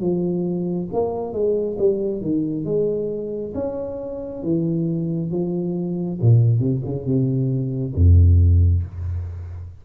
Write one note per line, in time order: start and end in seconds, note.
0.00 0.88 F3
0.93 1.33 A#3
1.33 1.77 G#3
1.78 2.21 G3
2.21 2.65 D#3
2.65 3.53 G#3
3.55 4.43 C#4
4.43 5.31 E3
5.31 6.19 F3
6.21 6.59 A#2
6.59 6.81 C3
6.85 7.05 C#3
7.05 7.94 C3
7.95 8.83 F2